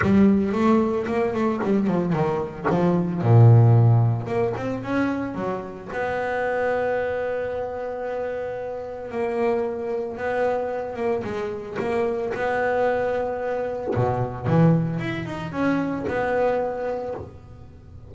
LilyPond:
\new Staff \with { instrumentName = "double bass" } { \time 4/4 \tempo 4 = 112 g4 a4 ais8 a8 g8 f8 | dis4 f4 ais,2 | ais8 c'8 cis'4 fis4 b4~ | b1~ |
b4 ais2 b4~ | b8 ais8 gis4 ais4 b4~ | b2 b,4 e4 | e'8 dis'8 cis'4 b2 | }